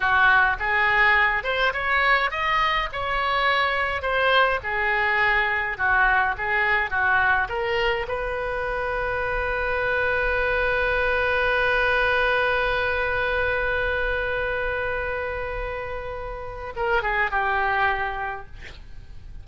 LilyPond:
\new Staff \with { instrumentName = "oboe" } { \time 4/4 \tempo 4 = 104 fis'4 gis'4. c''8 cis''4 | dis''4 cis''2 c''4 | gis'2 fis'4 gis'4 | fis'4 ais'4 b'2~ |
b'1~ | b'1~ | b'1~ | b'4 ais'8 gis'8 g'2 | }